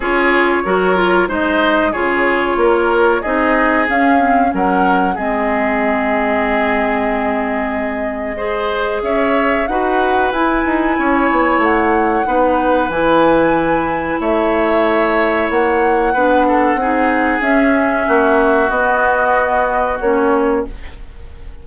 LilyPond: <<
  \new Staff \with { instrumentName = "flute" } { \time 4/4 \tempo 4 = 93 cis''2 dis''4 cis''4~ | cis''4 dis''4 f''4 fis''4 | dis''1~ | dis''2 e''4 fis''4 |
gis''2 fis''2 | gis''2 e''2 | fis''2. e''4~ | e''4 dis''2 cis''4 | }
  \new Staff \with { instrumentName = "oboe" } { \time 4/4 gis'4 ais'4 c''4 gis'4 | ais'4 gis'2 ais'4 | gis'1~ | gis'4 c''4 cis''4 b'4~ |
b'4 cis''2 b'4~ | b'2 cis''2~ | cis''4 b'8 a'8 gis'2 | fis'1 | }
  \new Staff \with { instrumentName = "clarinet" } { \time 4/4 f'4 fis'8 f'8 dis'4 f'4~ | f'4 dis'4 cis'8 c'8 cis'4 | c'1~ | c'4 gis'2 fis'4 |
e'2. dis'4 | e'1~ | e'4 d'4 dis'4 cis'4~ | cis'4 b2 cis'4 | }
  \new Staff \with { instrumentName = "bassoon" } { \time 4/4 cis'4 fis4 gis4 cis4 | ais4 c'4 cis'4 fis4 | gis1~ | gis2 cis'4 dis'4 |
e'8 dis'8 cis'8 b8 a4 b4 | e2 a2 | ais4 b4 c'4 cis'4 | ais4 b2 ais4 | }
>>